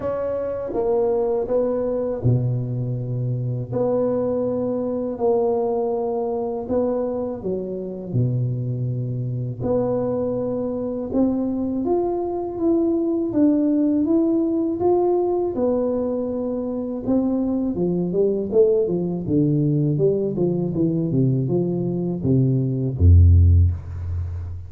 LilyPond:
\new Staff \with { instrumentName = "tuba" } { \time 4/4 \tempo 4 = 81 cis'4 ais4 b4 b,4~ | b,4 b2 ais4~ | ais4 b4 fis4 b,4~ | b,4 b2 c'4 |
f'4 e'4 d'4 e'4 | f'4 b2 c'4 | f8 g8 a8 f8 d4 g8 f8 | e8 c8 f4 c4 f,4 | }